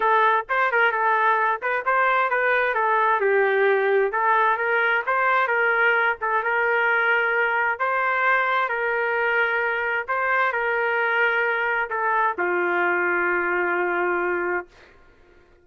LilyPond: \new Staff \with { instrumentName = "trumpet" } { \time 4/4 \tempo 4 = 131 a'4 c''8 ais'8 a'4. b'8 | c''4 b'4 a'4 g'4~ | g'4 a'4 ais'4 c''4 | ais'4. a'8 ais'2~ |
ais'4 c''2 ais'4~ | ais'2 c''4 ais'4~ | ais'2 a'4 f'4~ | f'1 | }